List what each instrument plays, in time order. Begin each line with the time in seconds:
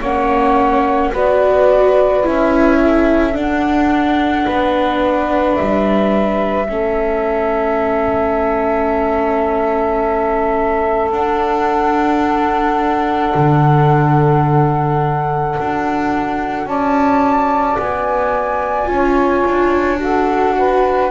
0.00 double bass A#3, viola C#4, saxophone C#5, flute F#5
1.12 double bass B3, viola F#4, saxophone B4, flute D5
2.24 double bass C#4, viola E4, flute E5
2.79 saxophone A4
3.34 viola D4, double bass D4, flute F#5
4.45 double bass B3, saxophone B4
5.55 double bass G3, flute E5
6.68 double bass A3, viola C#4, saxophone A4
11.11 double bass D4, viola D4, flute F#5
13.35 double bass D3
15.59 double bass D4, viola F#4
16.66 double bass C#4, saxophone D5, flute A5
17.79 double bass B3, flute G#5
18.85 double bass C#4, viola F4
18.94 saxophone C#5
19.46 double bass D4
19.99 viola F#4, saxophone A4, flute F#5
20.58 saxophone B4